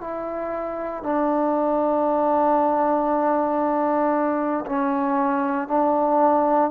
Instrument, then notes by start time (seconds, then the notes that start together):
trombone
0.00 E4
1.03 D4
4.66 C#4
5.68 D4